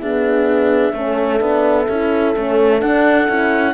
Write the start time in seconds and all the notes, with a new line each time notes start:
0.00 B3 D4 G#4 E5
0.94 A3 C#4 A4
1.39 B3 D4
1.89 C#4 E4
2.36 A3 C#4
2.79 D4 F#5
3.28 C#4 E4